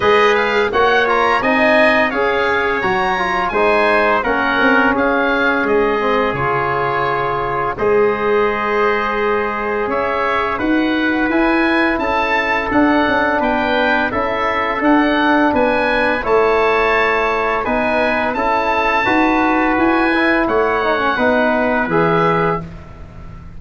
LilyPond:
<<
  \new Staff \with { instrumentName = "oboe" } { \time 4/4 \tempo 4 = 85 dis''8 f''8 fis''8 ais''8 gis''4 f''4 | ais''4 gis''4 fis''4 f''4 | dis''4 cis''2 dis''4~ | dis''2 e''4 fis''4 |
gis''4 a''4 fis''4 g''4 | e''4 fis''4 gis''4 a''4~ | a''4 gis''4 a''2 | gis''4 fis''2 e''4 | }
  \new Staff \with { instrumentName = "trumpet" } { \time 4/4 b'4 cis''4 dis''4 cis''4~ | cis''4 c''4 ais'4 gis'4~ | gis'2. c''4~ | c''2 cis''4 b'4~ |
b'4 a'2 b'4 | a'2 b'4 cis''4~ | cis''4 b'4 a'4 b'4~ | b'4 cis''4 b'2 | }
  \new Staff \with { instrumentName = "trombone" } { \time 4/4 gis'4 fis'8 f'8 dis'4 gis'4 | fis'8 f'8 dis'4 cis'2~ | cis'8 c'8 f'2 gis'4~ | gis'2. fis'4 |
e'2 d'2 | e'4 d'2 e'4~ | e'4 dis'4 e'4 fis'4~ | fis'8 e'4 dis'16 cis'16 dis'4 gis'4 | }
  \new Staff \with { instrumentName = "tuba" } { \time 4/4 gis4 ais4 c'4 cis'4 | fis4 gis4 ais8 c'8 cis'4 | gis4 cis2 gis4~ | gis2 cis'4 dis'4 |
e'4 cis'4 d'8 cis'8 b4 | cis'4 d'4 b4 a4~ | a4 b4 cis'4 dis'4 | e'4 a4 b4 e4 | }
>>